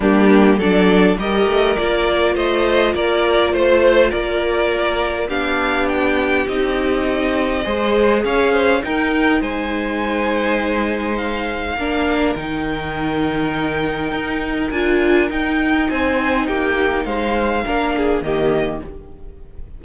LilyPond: <<
  \new Staff \with { instrumentName = "violin" } { \time 4/4 \tempo 4 = 102 g'4 d''4 dis''4 d''4 | dis''4 d''4 c''4 d''4~ | d''4 f''4 g''4 dis''4~ | dis''2 f''4 g''4 |
gis''2. f''4~ | f''4 g''2.~ | g''4 gis''4 g''4 gis''4 | g''4 f''2 dis''4 | }
  \new Staff \with { instrumentName = "violin" } { \time 4/4 d'4 a'4 ais'2 | c''4 ais'4 c''4 ais'4~ | ais'4 g'2.~ | g'4 c''4 cis''8 c''8 ais'4 |
c''1 | ais'1~ | ais'2. c''4 | g'4 c''4 ais'8 gis'8 g'4 | }
  \new Staff \with { instrumentName = "viola" } { \time 4/4 ais4 d'4 g'4 f'4~ | f'1~ | f'4 d'2 dis'4~ | dis'4 gis'2 dis'4~ |
dis'1 | d'4 dis'2.~ | dis'4 f'4 dis'2~ | dis'2 d'4 ais4 | }
  \new Staff \with { instrumentName = "cello" } { \time 4/4 g4 fis4 g8 a8 ais4 | a4 ais4 a4 ais4~ | ais4 b2 c'4~ | c'4 gis4 cis'4 dis'4 |
gis1 | ais4 dis2. | dis'4 d'4 dis'4 c'4 | ais4 gis4 ais4 dis4 | }
>>